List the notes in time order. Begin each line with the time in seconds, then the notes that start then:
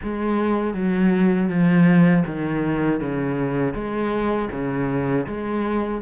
0.02 G#3
0.74 F#3
1.49 F3
2.26 D#3
3.00 C#3
3.74 G#3
4.51 C#3
5.26 G#3